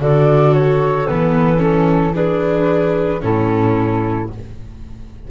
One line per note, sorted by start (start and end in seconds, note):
0.00 1.07 D3
0.00 1.08 F#4
0.00 2.14 A4
0.00 0.53 D5
0.53 1.06 C#5
1.06 3.22 E3
1.06 1.57 B3
1.06 1.60 B4
1.57 2.11 C#4
1.57 2.15 A4
2.14 3.20 D4
2.14 3.21 G#4
2.14 3.22 B4
3.20 4.29 A2
3.20 4.27 C#4
3.20 4.29 E4
3.20 4.30 A4